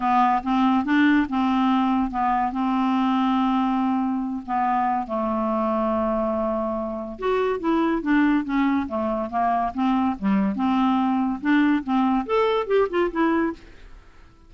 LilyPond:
\new Staff \with { instrumentName = "clarinet" } { \time 4/4 \tempo 4 = 142 b4 c'4 d'4 c'4~ | c'4 b4 c'2~ | c'2~ c'8 b4. | a1~ |
a4 fis'4 e'4 d'4 | cis'4 a4 ais4 c'4 | g4 c'2 d'4 | c'4 a'4 g'8 f'8 e'4 | }